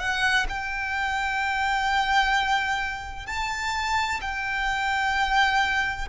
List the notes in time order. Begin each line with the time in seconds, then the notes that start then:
0.00 F#5
0.49 G5
3.27 A5
4.21 G5